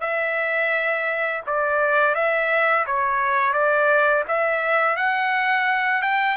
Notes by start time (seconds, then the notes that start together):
0.00 E5
1.46 D5
2.15 E5
2.86 C#5
3.53 D5
4.27 E5
4.96 F#5
6.02 G5